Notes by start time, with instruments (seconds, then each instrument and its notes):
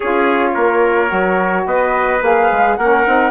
0.00 bassoon C#4, saxophone F4, trumpet G#4, flute C#5
0.54 bassoon A#3, trumpet A#4
1.07 bassoon F#3, saxophone F#4
1.65 bassoon B3, trumpet B4, flute D#5
2.22 bassoon A#3, saxophone G#4, flute F5
2.52 bassoon G#3
2.75 bassoon A#3, saxophone C#4, trumpet A#4, flute F#5
3.06 bassoon C4, saxophone D#4